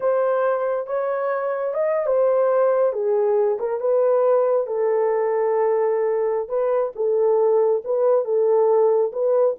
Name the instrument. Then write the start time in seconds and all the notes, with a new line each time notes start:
horn
0.00 C5
0.87 C#5
1.74 D#5
2.06 C5
2.92 G#4
3.59 A#4
3.80 B4
4.66 A4
6.48 B4
6.95 A4
7.84 B4
8.24 A4
9.12 B4